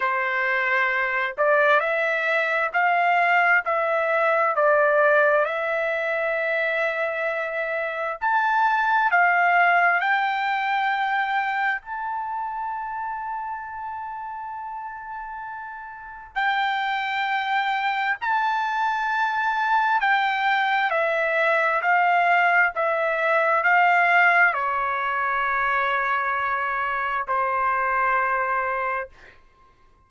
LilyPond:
\new Staff \with { instrumentName = "trumpet" } { \time 4/4 \tempo 4 = 66 c''4. d''8 e''4 f''4 | e''4 d''4 e''2~ | e''4 a''4 f''4 g''4~ | g''4 a''2.~ |
a''2 g''2 | a''2 g''4 e''4 | f''4 e''4 f''4 cis''4~ | cis''2 c''2 | }